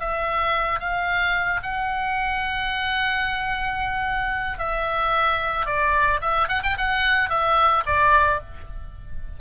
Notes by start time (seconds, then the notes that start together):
0.00 E5
0.80 F5
1.63 F#5
4.58 E5
5.66 D5
6.21 E5
6.49 F#5
6.64 G5
6.78 F#5
7.30 E5
7.86 D5